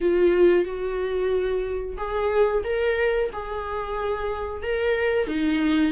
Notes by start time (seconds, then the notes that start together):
0.00 F4
0.64 F#4
1.97 G#4
2.64 A#4
3.33 G#4
4.62 A#4
5.27 D#4